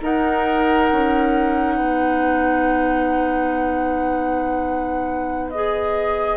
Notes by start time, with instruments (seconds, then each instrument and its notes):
0.00 clarinet D#4, bassoon D#4, oboe A#4, flute F#5
0.91 bassoon C#4
1.76 bassoon B3, oboe B4
5.50 clarinet G#4, flute D#5